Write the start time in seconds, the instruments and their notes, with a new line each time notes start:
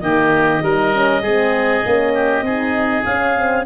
0.00 tuba D#3, horn A#3, oboe G4, clarinet D#5
0.62 tuba G3, horn D#4, oboe A#4
0.93 horn C#4
1.21 tuba G#3, horn C4, oboe G#4
1.85 tuba A#3, horn C#4
2.14 oboe G4
2.42 tuba C4, horn D#4, oboe G#4
3.04 tuba C#4, horn C#4, clarinet F5
3.36 horn C4